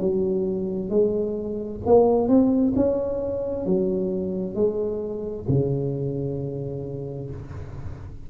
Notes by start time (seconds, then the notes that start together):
0.00 F#3
0.90 G#3
1.86 A#3
2.28 C4
2.76 C#4
3.66 F#3
4.55 G#3
5.49 C#3